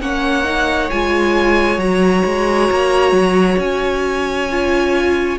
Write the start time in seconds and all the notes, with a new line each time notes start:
0.00 A#3 C#4 C#5 F#5
0.44 D#4
0.90 G#3 F4 G#5
1.78 F#3 F#4 A#5
2.25 G#3
2.71 A#3
3.12 F#3
3.58 C#4 G#5
4.50 F4